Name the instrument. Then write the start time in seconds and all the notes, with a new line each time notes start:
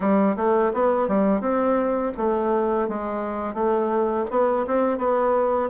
bassoon
0.00 G3
0.36 A3
0.73 B3
1.07 G3
1.40 C4
2.17 A3
2.88 G#3
3.54 A3
4.30 B3
4.66 C4
4.98 B3